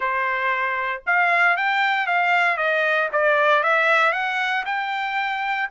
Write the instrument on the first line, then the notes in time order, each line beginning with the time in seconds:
trumpet
0.00 C5
1.06 F5
1.56 G5
2.06 F5
2.57 D#5
3.12 D5
3.63 E5
4.12 F#5
4.65 G5